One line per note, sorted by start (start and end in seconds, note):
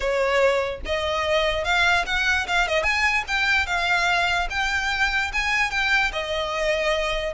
0.00 0.80 C#5
0.85 1.64 D#5
1.64 2.05 F5
2.06 2.46 F#5
2.47 2.67 F5
2.67 2.83 D#5
2.83 3.24 G#5
3.27 3.66 G5
3.66 4.48 F5
4.50 5.31 G5
5.33 5.70 G#5
5.70 6.11 G5
6.12 7.33 D#5